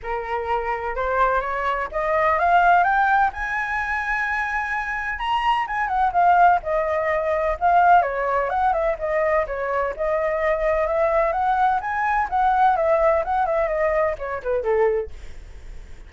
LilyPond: \new Staff \with { instrumentName = "flute" } { \time 4/4 \tempo 4 = 127 ais'2 c''4 cis''4 | dis''4 f''4 g''4 gis''4~ | gis''2. ais''4 | gis''8 fis''8 f''4 dis''2 |
f''4 cis''4 fis''8 e''8 dis''4 | cis''4 dis''2 e''4 | fis''4 gis''4 fis''4 e''4 | fis''8 e''8 dis''4 cis''8 b'8 a'4 | }